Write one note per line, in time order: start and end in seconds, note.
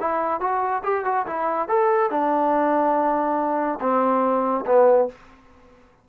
0.00 0.41 E4
0.41 0.83 F#4
0.84 1.05 G4
1.05 1.26 F#4
1.27 1.69 E4
1.69 2.10 A4
2.10 3.79 D4
3.81 4.65 C4
4.66 5.08 B3